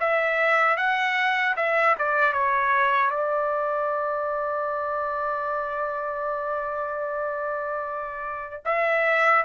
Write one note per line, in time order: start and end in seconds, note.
0.00 0.77 E5
0.77 1.56 F#5
1.56 1.96 E5
1.98 2.33 D5
2.33 3.10 C#5
3.10 8.63 D5
8.65 9.44 E5